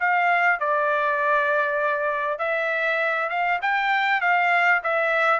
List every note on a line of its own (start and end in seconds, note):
0.00 0.60 F5
0.60 2.39 D5
2.39 3.29 E5
3.29 3.60 F5
3.62 4.21 G5
4.21 4.82 F5
4.83 5.40 E5